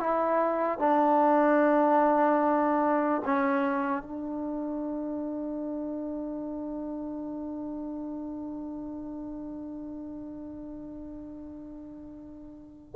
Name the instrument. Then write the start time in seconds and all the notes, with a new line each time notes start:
trombone
0.00 E4
0.79 D4
3.25 C#4
4.03 D4